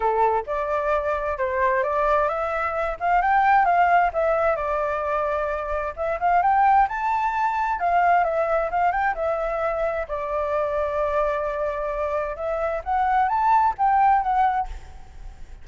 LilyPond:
\new Staff \with { instrumentName = "flute" } { \time 4/4 \tempo 4 = 131 a'4 d''2 c''4 | d''4 e''4. f''8 g''4 | f''4 e''4 d''2~ | d''4 e''8 f''8 g''4 a''4~ |
a''4 f''4 e''4 f''8 g''8 | e''2 d''2~ | d''2. e''4 | fis''4 a''4 g''4 fis''4 | }